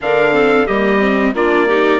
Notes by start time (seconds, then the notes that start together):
0.01 D3 D4 A#4 F5
0.31 C4 A4
0.66 G3 A#3 G4 D#5
0.99 C4
1.33 A#3 D4 F4 D5
1.67 D#4 G4